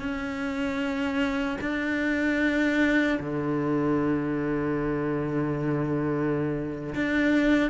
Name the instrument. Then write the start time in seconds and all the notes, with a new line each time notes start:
cello
0.00 C#4
1.61 D4
3.20 D3
6.95 D4